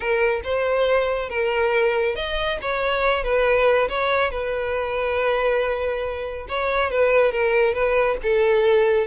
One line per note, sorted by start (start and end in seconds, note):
0.00 0.41 A#4
0.44 1.29 C5
1.29 2.15 A#4
2.15 2.58 D#5
2.61 3.23 C#5
3.23 3.88 B4
3.88 4.30 C#5
4.30 6.46 B4
6.48 6.90 C#5
6.90 7.32 B4
7.32 7.74 A#4
7.74 8.17 B4
8.22 9.06 A4